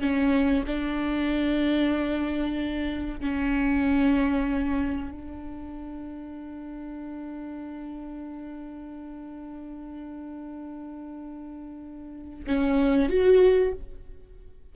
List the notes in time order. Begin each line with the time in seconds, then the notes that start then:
0.00 C#4
0.66 D4
3.20 C#4
5.11 D4
12.46 C#4
13.09 F#4